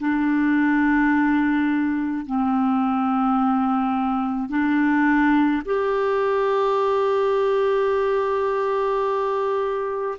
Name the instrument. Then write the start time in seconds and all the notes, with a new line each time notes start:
clarinet
0.00 D4
2.26 C4
4.50 D4
5.66 G4